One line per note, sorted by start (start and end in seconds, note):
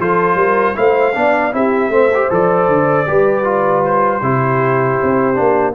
0.00 0.35 F3
0.00 0.75 F4
0.00 0.37 A4
0.00 0.77 C5
0.35 0.74 G3
0.35 0.75 A#4
0.75 1.16 A3
0.75 1.14 E4
0.75 1.16 C5
0.75 1.54 F5
1.14 1.54 B3
1.14 1.53 D4
1.14 1.55 D5
1.53 1.89 C4
1.53 1.91 E4
1.53 1.93 G4
1.53 2.32 E5
1.89 2.28 A3
1.89 2.10 C4
1.89 3.08 C5
2.15 2.30 G4
2.30 2.68 F3
2.30 3.07 A4
2.30 3.86 D5
2.68 3.07 D3
3.07 4.22 G3
3.07 3.44 G4
3.07 4.23 B4
3.44 4.21 F4
3.86 5.75 C5
4.22 4.99 C3
4.22 5.35 E4
4.22 5.75 G4
5.03 5.39 C4
5.35 5.75 A#3
5.35 5.73 D4